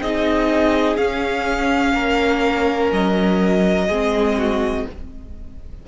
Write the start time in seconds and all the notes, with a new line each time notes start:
0.00 C4 D#4 G#4 D#5
0.97 C#4 F5
1.94 A#3 A#4
2.92 F#3 D#5
3.87 G#3 C4 G#4
4.38 F#4